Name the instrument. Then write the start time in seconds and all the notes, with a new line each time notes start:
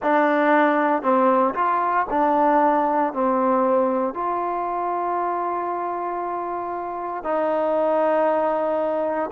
trombone
0.02 D4
1.02 C4
1.54 F4
2.09 D4
3.13 C4
4.14 F4
7.23 D#4